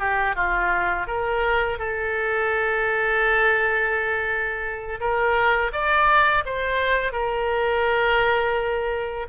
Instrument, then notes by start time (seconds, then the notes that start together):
oboe
0.00 G4
0.36 F4
1.07 A#4
1.79 A4
5.00 A#4
5.73 D5
6.46 C5
7.12 A#4